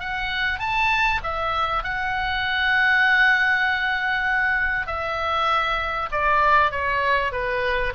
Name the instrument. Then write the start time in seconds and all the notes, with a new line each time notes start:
oboe
0.00 F#5
0.60 A5
1.23 E5
1.84 F#5
4.87 E5
6.12 D5
6.72 C#5
7.32 B4